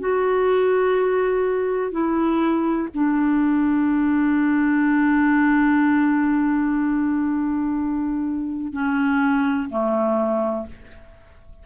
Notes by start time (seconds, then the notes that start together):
0.00 F#4
1.92 E4
2.95 D4
8.73 C#4
9.70 A3